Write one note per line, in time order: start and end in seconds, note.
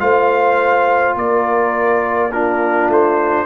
0.00 1.16 A3
0.00 2.31 F4
0.00 1.17 C5
0.00 1.16 F5
1.16 2.88 A#3
1.16 2.33 A#4
1.16 2.33 D5
2.33 3.47 D4
2.33 3.47 F4
2.33 2.90 A#4
2.88 3.46 A3
2.88 3.47 C5